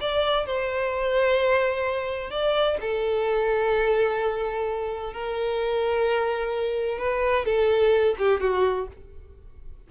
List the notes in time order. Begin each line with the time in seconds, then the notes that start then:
0.00 D5
0.46 C5
2.30 D5
2.80 A4
5.13 A#4
6.98 B4
7.45 A4
8.18 G4
8.40 F#4